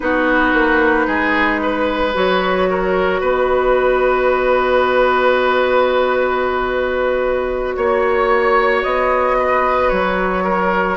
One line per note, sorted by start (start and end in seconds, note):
0.00 0.53 B3
0.00 2.11 D#4
0.00 1.06 F#4
0.00 2.12 B4
0.53 1.06 A#3
1.06 2.14 G#3
1.06 1.60 G#4
1.62 2.69 B4
2.13 3.21 F#3
2.13 10.96 F#4
2.13 3.23 C#5
2.69 3.20 A#4
3.20 7.76 B3
3.20 7.75 B4
3.20 7.76 D#5
7.76 8.84 A#3
7.76 8.83 C#5
7.76 9.37 C#5
8.83 9.91 B3
8.83 9.89 D#5
9.38 10.44 B4
9.89 10.96 F#3
9.89 10.96 C#5
10.44 10.96 A#4